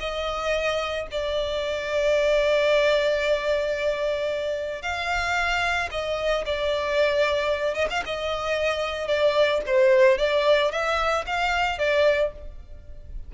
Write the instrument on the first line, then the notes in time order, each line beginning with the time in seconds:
violin
0.00 D#5
1.11 D5
4.82 F5
5.91 D#5
6.46 D5
7.74 D#5
7.90 F5
8.06 D#5
9.08 D5
9.66 C5
10.18 D5
10.71 E5
11.26 F5
11.79 D5